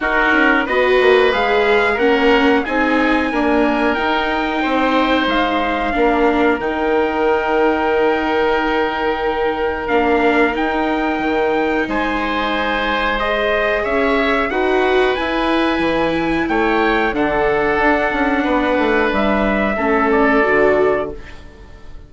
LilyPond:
<<
  \new Staff \with { instrumentName = "trumpet" } { \time 4/4 \tempo 4 = 91 ais'4 dis''4 f''4 fis''4 | gis''2 g''2 | f''2 g''2~ | g''2. f''4 |
g''2 gis''2 | dis''4 e''4 fis''4 gis''4~ | gis''4 g''4 fis''2~ | fis''4 e''4. d''4. | }
  \new Staff \with { instrumentName = "oboe" } { \time 4/4 fis'4 b'2 ais'4 | gis'4 ais'2 c''4~ | c''4 ais'2.~ | ais'1~ |
ais'2 c''2~ | c''4 cis''4 b'2~ | b'4 cis''4 a'2 | b'2 a'2 | }
  \new Staff \with { instrumentName = "viola" } { \time 4/4 dis'4 fis'4 gis'4 cis'4 | dis'4 ais4 dis'2~ | dis'4 d'4 dis'2~ | dis'2. d'4 |
dis'1 | gis'2 fis'4 e'4~ | e'2 d'2~ | d'2 cis'4 fis'4 | }
  \new Staff \with { instrumentName = "bassoon" } { \time 4/4 dis'8 cis'8 b8 ais8 gis4 ais4 | c'4 d'4 dis'4 c'4 | gis4 ais4 dis2~ | dis2. ais4 |
dis'4 dis4 gis2~ | gis4 cis'4 dis'4 e'4 | e4 a4 d4 d'8 cis'8 | b8 a8 g4 a4 d4 | }
>>